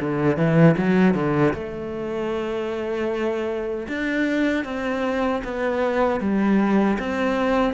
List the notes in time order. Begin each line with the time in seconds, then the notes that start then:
0.00 D3
0.36 E3
0.77 F#3
1.14 D3
1.53 A3
3.88 D4
4.64 C4
5.44 B3
6.20 G3
6.99 C4